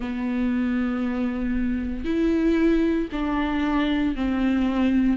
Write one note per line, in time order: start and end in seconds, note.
0.00 2.04 B3
2.04 3.08 E4
3.12 4.15 D4
4.15 5.17 C4